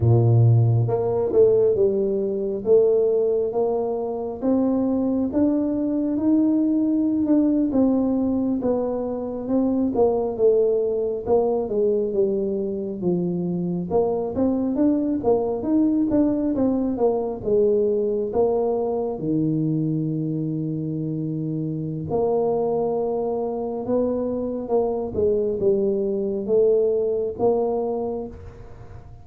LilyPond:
\new Staff \with { instrumentName = "tuba" } { \time 4/4 \tempo 4 = 68 ais,4 ais8 a8 g4 a4 | ais4 c'4 d'4 dis'4~ | dis'16 d'8 c'4 b4 c'8 ais8 a16~ | a8. ais8 gis8 g4 f4 ais16~ |
ais16 c'8 d'8 ais8 dis'8 d'8 c'8 ais8 gis16~ | gis8. ais4 dis2~ dis16~ | dis4 ais2 b4 | ais8 gis8 g4 a4 ais4 | }